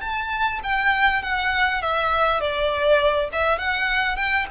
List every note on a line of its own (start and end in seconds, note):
0.00 0.59 A5
0.63 1.22 G5
1.22 1.81 F#5
1.81 2.40 E5
2.40 3.29 D5
3.32 3.58 E5
3.58 4.16 F#5
4.16 4.46 G5